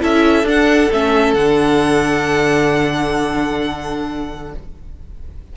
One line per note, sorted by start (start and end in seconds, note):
0.00 0.44 C#4
0.00 0.44 E4
0.00 4.53 A4
0.00 0.47 E5
0.44 0.88 D4
0.44 0.91 D4
0.44 0.92 F#5
0.92 1.34 A3
0.92 1.36 C#4
0.92 1.34 E5
1.34 4.53 D3
1.34 4.56 D4
1.34 4.54 F#5